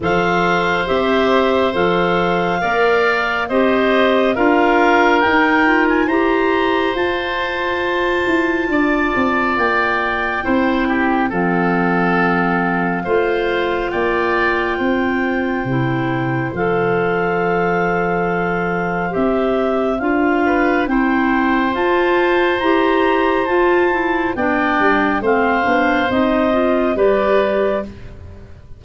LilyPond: <<
  \new Staff \with { instrumentName = "clarinet" } { \time 4/4 \tempo 4 = 69 f''4 e''4 f''2 | dis''4 f''4 g''8. gis''16 ais''4 | a''2. g''4~ | g''4 f''2. |
g''2. f''4~ | f''2 e''4 f''4 | g''4 a''4 ais''4 a''4 | g''4 f''4 dis''4 d''4 | }
  \new Staff \with { instrumentName = "oboe" } { \time 4/4 c''2. d''4 | c''4 ais'2 c''4~ | c''2 d''2 | c''8 g'8 a'2 c''4 |
d''4 c''2.~ | c''2.~ c''8 b'8 | c''1 | d''4 c''2 b'4 | }
  \new Staff \with { instrumentName = "clarinet" } { \time 4/4 a'4 g'4 a'4 ais'4 | g'4 f'4 dis'8 f'8 g'4 | f'1 | e'4 c'2 f'4~ |
f'2 e'4 a'4~ | a'2 g'4 f'4 | e'4 f'4 g'4 f'8 e'8 | d'4 c'8 d'8 dis'8 f'8 g'4 | }
  \new Staff \with { instrumentName = "tuba" } { \time 4/4 f4 c'4 f4 ais4 | c'4 d'4 dis'4 e'4 | f'4. e'8 d'8 c'8 ais4 | c'4 f2 a4 |
ais4 c'4 c4 f4~ | f2 c'4 d'4 | c'4 f'4 e'4 f'4 | b8 g8 a8 b8 c'4 g4 | }
>>